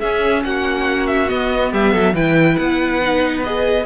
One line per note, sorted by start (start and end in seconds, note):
0.00 0.45 C#4
0.00 1.29 C#4
0.00 0.43 G#4
0.00 0.44 E5
0.44 1.31 A#3
0.44 1.72 F#4
0.44 1.07 F#5
1.07 1.29 E5
1.29 2.15 B3
1.29 1.73 B3
1.29 1.72 D#5
1.72 1.94 G3
1.72 1.92 G4
1.72 2.16 E5
1.92 2.14 F#3
1.92 2.13 A4
2.14 2.57 E3
2.14 3.02 E4
2.14 3.86 B4
2.14 2.57 G5
2.57 3.86 B3
2.57 3.42 F#5
3.02 3.45 D#4
3.44 3.86 G#4
3.44 3.86 D#5